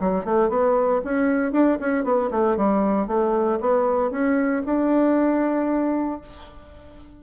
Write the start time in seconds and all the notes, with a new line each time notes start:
0.00 F#3
0.25 A3
0.49 B3
1.05 C#4
1.52 D4
1.80 C#4
2.04 B3
2.31 A3
2.57 G3
3.08 A3
3.61 B3
4.11 C#4
4.66 D4